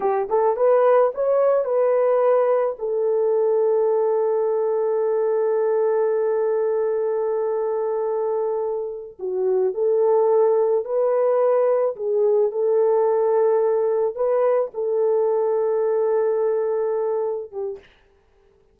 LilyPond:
\new Staff \with { instrumentName = "horn" } { \time 4/4 \tempo 4 = 108 g'8 a'8 b'4 cis''4 b'4~ | b'4 a'2.~ | a'1~ | a'1~ |
a'8 fis'4 a'2 b'8~ | b'4. gis'4 a'4.~ | a'4. b'4 a'4.~ | a'2.~ a'8 g'8 | }